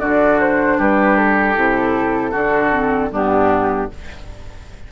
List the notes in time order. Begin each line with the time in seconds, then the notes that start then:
0.00 D3 D4 F#4 D5
0.40 C5
0.78 G3 G4 B4
1.18 A4
1.55 C3 E4
2.31 D3 D4 F#4
2.72 C4
3.12 G2 B3 D4 G4